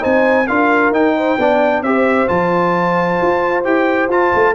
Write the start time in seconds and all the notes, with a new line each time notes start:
0.00 C4 D#4 C5 G#5
0.47 D4 F4 A#4 F5
0.91 D#4 G5
1.16 C5
1.39 B3 D4 D5
1.82 C4 G4 C5 E5
2.28 F3 F4 A5
3.22 F4
3.64 E4 G4 G5
4.09 F4 A5
4.34 A3